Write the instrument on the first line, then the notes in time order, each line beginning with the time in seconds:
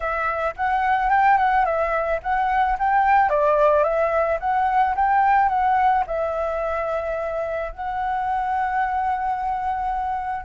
flute
0.00 E5
0.56 F#5
1.10 G5
1.37 F#5
1.65 E5
2.22 F#5
2.78 G5
3.29 D5
3.83 E5
4.40 F#5
4.95 G5
5.48 F#5
6.07 E5
7.72 F#5